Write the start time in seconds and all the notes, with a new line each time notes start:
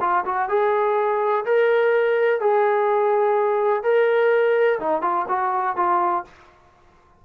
0.00 F4
0.25 F#4
0.48 G#4
1.45 A#4
2.40 G#4
3.83 A#4
4.79 D#4
5.01 F4
5.28 F#4
5.76 F4